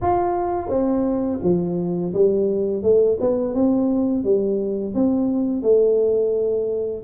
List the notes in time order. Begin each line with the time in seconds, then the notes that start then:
0.01 F4
0.68 C4
1.42 F3
2.13 G3
2.82 A3
3.20 B3
3.54 C4
4.24 G3
4.94 C4
5.62 A3